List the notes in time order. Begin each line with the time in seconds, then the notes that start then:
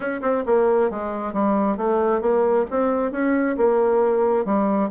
0.00 C#4
0.21 C4
0.46 A#3
0.90 G#3
1.33 G3
1.77 A3
2.21 A#3
2.70 C4
3.11 C#4
3.57 A#3
4.45 G3